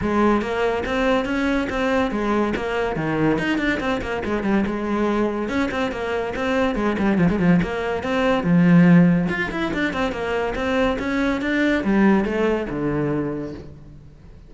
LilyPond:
\new Staff \with { instrumentName = "cello" } { \time 4/4 \tempo 4 = 142 gis4 ais4 c'4 cis'4 | c'4 gis4 ais4 dis4 | dis'8 d'8 c'8 ais8 gis8 g8 gis4~ | gis4 cis'8 c'8 ais4 c'4 |
gis8 g8 f16 gis16 f8 ais4 c'4 | f2 f'8 e'8 d'8 c'8 | ais4 c'4 cis'4 d'4 | g4 a4 d2 | }